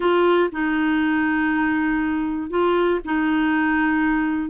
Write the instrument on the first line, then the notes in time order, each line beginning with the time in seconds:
clarinet
0.00 F4
0.51 D#4
2.50 F4
3.04 D#4